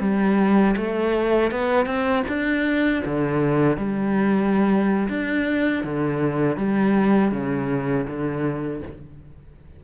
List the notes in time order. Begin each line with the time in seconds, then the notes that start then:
0.00 G3
0.76 A3
1.51 B3
1.86 C4
2.28 D4
3.05 D3
3.77 G3
5.09 D4
5.84 D3
6.57 G3
7.31 C#3
8.07 D3